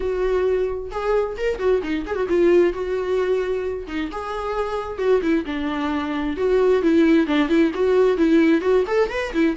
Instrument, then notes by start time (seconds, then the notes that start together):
viola
0.00 F#4
0.91 G#4
1.37 A#4
1.58 F#4
1.82 D#4
2.06 G#4
2.15 F#4
2.28 F4
2.73 F#4
3.87 D#4
4.11 G#4
4.98 F#4
5.21 E4
5.45 D4
6.36 F#4
6.82 E4
7.26 D4
7.49 E4
7.74 F#4
8.17 E4
8.61 F#4
8.87 A4
9.10 B4
9.33 E4